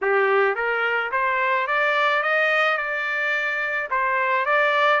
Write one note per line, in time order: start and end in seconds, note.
0.01 0.55 G4
0.55 1.11 A#4
1.11 1.67 C5
1.67 2.22 D5
2.22 2.77 D#5
2.77 3.88 D5
3.90 4.45 C5
4.45 5.00 D5